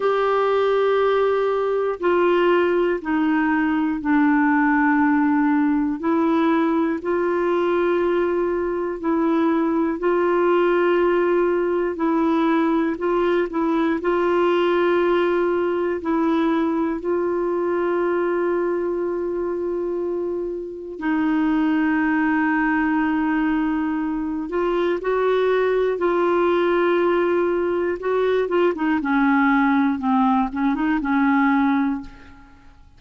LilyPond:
\new Staff \with { instrumentName = "clarinet" } { \time 4/4 \tempo 4 = 60 g'2 f'4 dis'4 | d'2 e'4 f'4~ | f'4 e'4 f'2 | e'4 f'8 e'8 f'2 |
e'4 f'2.~ | f'4 dis'2.~ | dis'8 f'8 fis'4 f'2 | fis'8 f'16 dis'16 cis'4 c'8 cis'16 dis'16 cis'4 | }